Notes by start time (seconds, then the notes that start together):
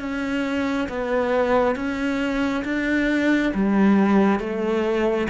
0.00 C#4
0.89 B3
1.76 C#4
2.65 D4
3.54 G3
4.40 A3